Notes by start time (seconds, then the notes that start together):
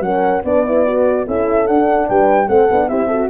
0.00 F#3 C#4 A#4 F#5
0.44 B3 D4 B4 D5
0.66 E4
0.86 F#4
1.27 C#4 E4 A4 E5
1.67 D4 F#5
2.08 G3 B4 G5
2.48 A3 C4 A4 F#5
2.71 B3 D4
2.89 C4 E4 G4 E5
3.08 F#4 A4